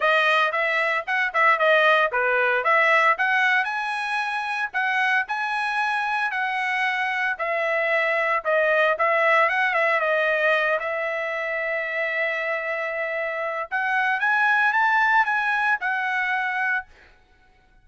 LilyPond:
\new Staff \with { instrumentName = "trumpet" } { \time 4/4 \tempo 4 = 114 dis''4 e''4 fis''8 e''8 dis''4 | b'4 e''4 fis''4 gis''4~ | gis''4 fis''4 gis''2 | fis''2 e''2 |
dis''4 e''4 fis''8 e''8 dis''4~ | dis''8 e''2.~ e''8~ | e''2 fis''4 gis''4 | a''4 gis''4 fis''2 | }